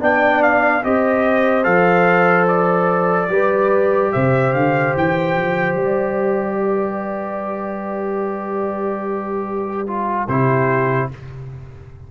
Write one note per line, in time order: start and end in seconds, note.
0.00 0.83 B3
0.00 0.82 D4
0.00 0.83 D5
0.00 0.42 G5
0.42 0.84 F5
0.84 1.65 C4
0.84 1.64 G4
0.84 3.30 C5
0.84 1.64 D#5
1.64 3.29 F3
1.64 3.28 A4
1.64 2.46 F5
2.47 4.12 D5
3.29 4.11 G3
3.29 9.86 G4
3.29 4.12 B4
4.12 4.53 C3
4.12 6.60 C5
4.12 4.53 E5
4.53 4.94 D3
4.53 4.94 F5
4.96 5.35 E3
4.96 5.76 G5
5.35 5.75 F3
5.75 10.27 G3
5.75 10.28 D5
6.60 10.27 B4
9.87 10.28 F4
10.27 11.10 C3
10.27 11.11 E4
10.27 11.09 G4
10.27 11.10 C5